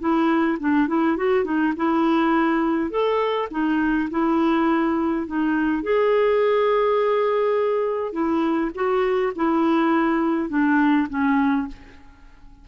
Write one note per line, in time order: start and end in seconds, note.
0.00 0.58 E4
0.60 0.88 D4
0.88 1.17 E4
1.17 1.44 F#4
1.44 1.73 D#4
1.76 2.90 E4
2.90 3.49 A4
3.51 4.09 D#4
4.11 5.27 E4
5.27 5.83 D#4
5.83 8.13 G#4
8.13 8.71 E4
8.75 9.33 F#4
9.36 10.50 E4
10.50 11.08 D4
11.09 11.68 C#4